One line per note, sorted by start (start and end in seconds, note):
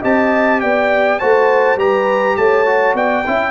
0.00 0.62 C4
0.00 1.19 G4
0.00 0.59 D#5
0.00 0.60 A5
0.60 1.21 B3
0.60 1.20 D5
0.60 1.19 G5
1.19 1.76 A3
1.19 1.78 F#4
1.19 1.78 C5
1.19 1.78 A5
1.76 2.35 G3
1.76 2.66 G4
1.76 2.37 B4
1.76 2.36 A#5
2.36 2.94 A3
2.36 2.96 C#5
2.36 2.95 A5
2.66 3.24 F#4
2.94 3.23 B3
2.94 3.25 D5
2.94 3.51 G5
3.26 3.51 C#4
3.26 3.51 E4
3.26 3.51 E5